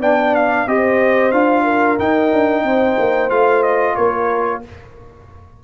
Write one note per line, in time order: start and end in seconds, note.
0.00 0.66 B3
0.00 0.68 D4
0.00 0.66 D5
0.00 0.35 G5
0.35 0.68 F5
0.67 1.33 C4
0.67 1.33 G4
0.67 1.64 C5
0.67 1.32 D#5
1.32 1.98 D4
1.32 1.99 F4
1.32 1.98 F5
1.64 2.63 A#4
1.99 3.31 D#4
1.99 2.32 D#4
1.99 3.31 G5
2.33 2.64 D4
2.64 2.97 C4
2.64 3.96 C5
2.99 3.31 A#3
3.31 3.97 A3
3.31 4.62 F4
3.31 3.63 F5
3.63 3.96 D#5
3.96 4.64 A#3
3.96 4.64 A#4
3.96 4.62 C#5